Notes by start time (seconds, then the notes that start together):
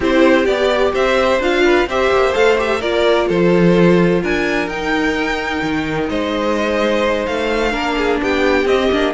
0.00 C4 E4 G4 C5
0.45 B3 G4 D5
0.92 C4 C5 E5
1.39 D4 F4 F5
1.64 B4
1.86 C4 G4 C5 E5
2.10 A#3
2.33 A3 A4 F5
2.57 G4 E5
2.79 A#3 F4 A#4 D5
3.27 F3 A4 C5
4.23 D4 A#4 G#5
4.67 D#4 G5
5.62 D#3
6.08 G#3 C5 D#5
7.26 A3 F5
7.71 A#3 D4 A#4
7.97 G#4
8.22 B3 G4 G5
8.65 C4 D#5
8.91 A#3 D4